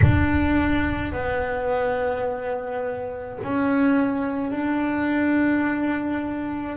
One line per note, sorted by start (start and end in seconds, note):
0.02 1.12 D4
1.12 3.39 B3
3.43 4.50 C#4
4.50 6.76 D4